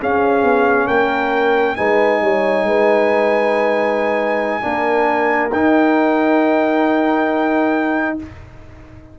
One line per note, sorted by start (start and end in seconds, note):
0.00 1.77 C#4
0.00 0.43 C#4
0.00 0.87 G#4
0.00 0.88 F5
0.43 0.87 B3
0.87 1.77 A#3
0.87 1.75 A#4
0.87 1.76 G5
1.76 2.22 G#3
1.76 4.61 D#4
1.76 2.22 B4
1.76 5.51 G#5
2.22 2.63 G3
2.22 2.67 C#5
2.63 4.61 G#3
2.63 4.63 B4
4.61 5.52 A#3
4.61 5.50 D4
4.61 8.16 A#4
5.52 8.17 D#4
5.52 8.19 D#4
5.52 8.17 G5